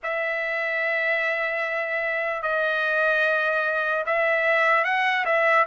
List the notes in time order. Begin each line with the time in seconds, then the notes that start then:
0.03 E5
2.42 D#5
4.05 E5
4.84 F#5
5.25 E5